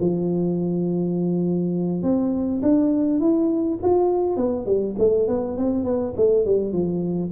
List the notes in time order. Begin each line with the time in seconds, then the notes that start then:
0.00 F3
2.03 C4
2.62 D4
3.20 E4
3.82 F4
4.36 B3
4.66 G3
4.99 A3
5.28 B3
5.57 C4
5.84 B3
6.17 A3
6.45 G3
6.72 F3